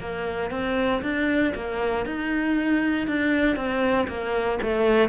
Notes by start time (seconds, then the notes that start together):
0.00 A#3
0.51 C4
1.02 D4
1.55 A#3
2.06 D#4
3.07 D4
3.56 C4
4.08 A#3
4.62 A3